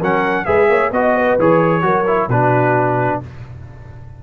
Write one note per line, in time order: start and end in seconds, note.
0.00 0.47 F#3
0.00 0.46 C#4
0.00 0.45 A#4
0.00 0.46 F#5
0.46 0.69 G#3
0.46 0.92 G#4
0.46 0.69 B4
0.46 0.91 E5
0.69 0.92 A#3
0.69 0.92 C#5
0.92 1.37 B3
0.92 1.40 F#4
0.92 1.39 D#5
0.92 1.16 D#5
1.16 1.84 B4
1.39 1.83 E3
1.39 1.82 G#4
1.39 2.30 C#5
1.82 2.29 F#3
1.82 2.04 F#4
1.82 2.30 A#4
2.08 2.30 E4
2.29 3.20 B2
2.29 3.23 D4
2.29 3.21 F#4
2.29 3.21 B4